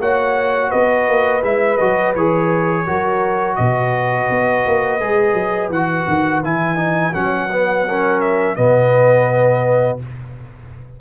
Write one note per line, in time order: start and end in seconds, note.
0.00 0.71 A#3
0.00 1.42 F#4
0.00 0.70 C#5
0.00 0.71 F#5
0.70 1.09 B3
0.70 2.84 B4
0.70 1.43 D#5
1.09 1.43 A#3
1.42 1.79 G#3
1.42 1.78 E4
1.42 1.77 E5
1.77 2.16 F#3
1.77 2.16 F#4
1.77 2.13 D#5
2.16 2.87 E3
2.16 2.87 G#4
2.16 3.56 C#5
2.86 3.59 F#3
2.86 5.00 F#4
2.86 3.58 A#4
3.56 4.30 B2
3.56 7.87 B4
3.56 5.70 D#5
4.30 4.66 B3
4.67 5.01 A#3
5.00 5.34 G#3
5.00 5.72 G#4
5.34 5.69 F#3
5.69 6.05 E3
5.69 6.44 F#4
5.69 6.43 F#5
6.08 6.43 D#3
6.43 7.15 E3
6.43 6.76 E4
6.43 7.14 G#5
6.76 7.12 D#4
7.14 8.58 F#3
7.14 7.49 C#4
7.14 8.21 F#5
7.53 7.89 B3
7.87 8.57 C#4
7.87 8.58 A#4
8.21 8.56 E5
8.56 10.01 B2
8.56 10.00 B3
8.56 10.01 B4
8.56 9.99 D#5